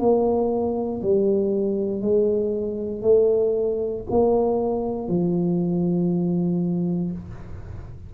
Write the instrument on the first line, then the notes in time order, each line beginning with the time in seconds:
tuba
0.00 A#3
1.02 G3
2.02 G#3
3.02 A3
4.10 A#3
5.08 F3